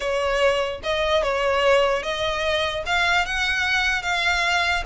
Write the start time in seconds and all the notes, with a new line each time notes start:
0.00 C#5
0.83 D#5
1.22 C#5
2.02 D#5
2.86 F5
3.25 F#5
4.02 F5